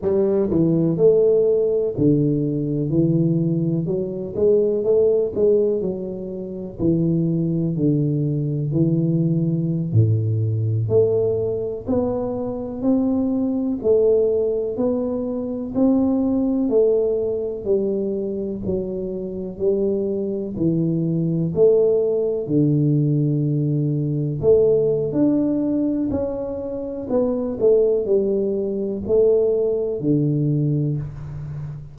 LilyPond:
\new Staff \with { instrumentName = "tuba" } { \time 4/4 \tempo 4 = 62 g8 e8 a4 d4 e4 | fis8 gis8 a8 gis8 fis4 e4 | d4 e4~ e16 a,4 a8.~ | a16 b4 c'4 a4 b8.~ |
b16 c'4 a4 g4 fis8.~ | fis16 g4 e4 a4 d8.~ | d4~ d16 a8. d'4 cis'4 | b8 a8 g4 a4 d4 | }